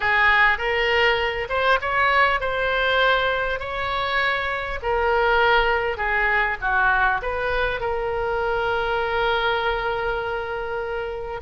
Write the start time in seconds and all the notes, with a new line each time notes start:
0.00 G#4
0.58 A#4
1.49 C5
1.81 C#5
2.40 C5
3.59 C#5
4.82 A#4
5.97 G#4
6.61 F#4
7.22 B4
7.80 A#4